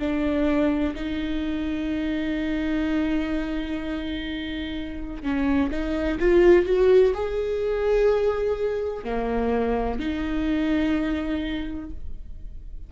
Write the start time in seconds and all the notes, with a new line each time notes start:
0.00 D4
0.96 D#4
5.23 C#4
5.71 D#4
6.20 F4
6.66 F#4
7.14 G#4
9.04 A#3
10.00 D#4